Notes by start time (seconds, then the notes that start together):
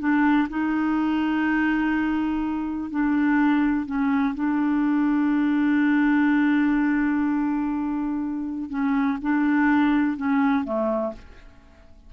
0.00 D4
0.49 D#4
2.90 D4
3.86 C#4
4.35 D4
8.70 C#4
9.22 D4
10.17 C#4
10.65 A3